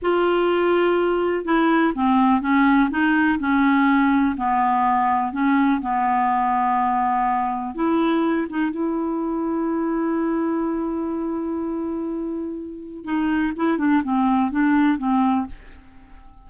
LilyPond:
\new Staff \with { instrumentName = "clarinet" } { \time 4/4 \tempo 4 = 124 f'2. e'4 | c'4 cis'4 dis'4 cis'4~ | cis'4 b2 cis'4 | b1 |
e'4. dis'8 e'2~ | e'1~ | e'2. dis'4 | e'8 d'8 c'4 d'4 c'4 | }